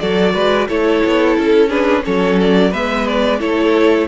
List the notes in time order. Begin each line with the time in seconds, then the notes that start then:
0.00 F#3 F#4 A4 D5
0.35 G#3 B4
0.69 A3 E4 A4 C#5
1.05 B3
1.38 C#4 A4
1.69 D4 G#4 B4
2.03 F#3 C#4 A4 C#5
2.41 D5
2.71 G#3 B3 B4 E5
3.08 D5
3.40 A3 E4 A4 C#5